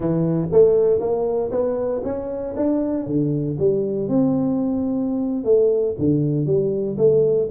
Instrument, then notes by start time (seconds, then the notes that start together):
tuba
0.00 E3
0.52 A3
0.99 A#3
1.51 B3
2.04 C#4
2.56 D4
3.06 D3
3.58 G3
4.08 C4
5.44 A3
5.98 D3
6.46 G3
6.97 A3